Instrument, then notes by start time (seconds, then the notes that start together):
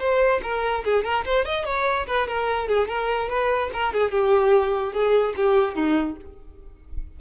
violin
0.00 C5
0.43 A#4
0.85 G#4
1.04 A#4
1.26 C5
1.45 D#5
1.66 C#5
2.07 B4
2.28 A#4
2.68 G#4
2.88 A#4
3.30 B4
3.73 A#4
3.94 G#4
4.11 G4
4.93 G#4
5.37 G4
5.75 D#4